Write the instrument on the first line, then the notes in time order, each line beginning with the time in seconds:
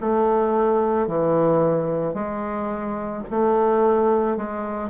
bassoon
0.00 A3
1.07 E3
2.14 G#3
3.30 A3
4.36 G#3